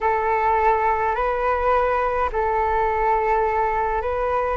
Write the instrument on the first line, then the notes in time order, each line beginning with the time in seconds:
flute
0.01 A4
1.15 B4
2.32 A4
4.01 B4